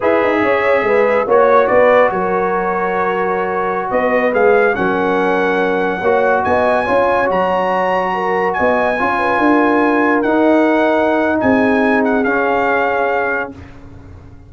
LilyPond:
<<
  \new Staff \with { instrumentName = "trumpet" } { \time 4/4 \tempo 4 = 142 e''2. cis''4 | d''4 cis''2.~ | cis''4~ cis''16 dis''4 f''4 fis''8.~ | fis''2.~ fis''16 gis''8.~ |
gis''4~ gis''16 ais''2~ ais''8.~ | ais''16 gis''2.~ gis''8.~ | gis''16 fis''2~ fis''8. gis''4~ | gis''8 fis''8 f''2. | }
  \new Staff \with { instrumentName = "horn" } { \time 4/4 b'4 cis''4 b'4 cis''4 | b'4 ais'2.~ | ais'4~ ais'16 b'2 ais'8.~ | ais'2~ ais'16 cis''4 dis''8.~ |
dis''16 cis''2. ais'8.~ | ais'16 dis''4 cis''8 b'8 ais'4.~ ais'16~ | ais'2. gis'4~ | gis'1 | }
  \new Staff \with { instrumentName = "trombone" } { \time 4/4 gis'2. fis'4~ | fis'1~ | fis'2~ fis'16 gis'4 cis'8.~ | cis'2~ cis'16 fis'4.~ fis'16~ |
fis'16 f'4 fis'2~ fis'8.~ | fis'4~ fis'16 f'2~ f'8.~ | f'16 dis'2.~ dis'8.~ | dis'4 cis'2. | }
  \new Staff \with { instrumentName = "tuba" } { \time 4/4 e'8 dis'8 cis'4 gis4 ais4 | b4 fis2.~ | fis4~ fis16 b4 gis4 fis8.~ | fis2~ fis16 ais4 b8.~ |
b16 cis'4 fis2~ fis8.~ | fis16 b4 cis'4 d'4.~ d'16~ | d'16 dis'2~ dis'8. c'4~ | c'4 cis'2. | }
>>